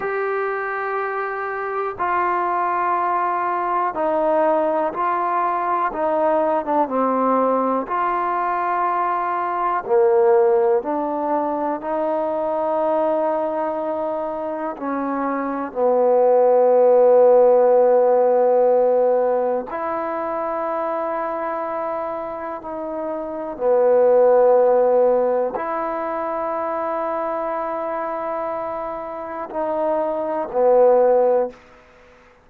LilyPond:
\new Staff \with { instrumentName = "trombone" } { \time 4/4 \tempo 4 = 61 g'2 f'2 | dis'4 f'4 dis'8. d'16 c'4 | f'2 ais4 d'4 | dis'2. cis'4 |
b1 | e'2. dis'4 | b2 e'2~ | e'2 dis'4 b4 | }